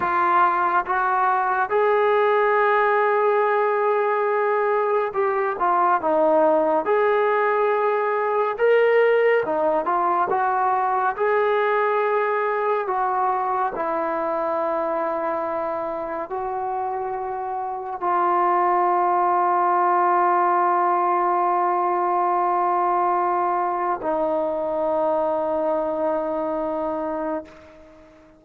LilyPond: \new Staff \with { instrumentName = "trombone" } { \time 4/4 \tempo 4 = 70 f'4 fis'4 gis'2~ | gis'2 g'8 f'8 dis'4 | gis'2 ais'4 dis'8 f'8 | fis'4 gis'2 fis'4 |
e'2. fis'4~ | fis'4 f'2.~ | f'1 | dis'1 | }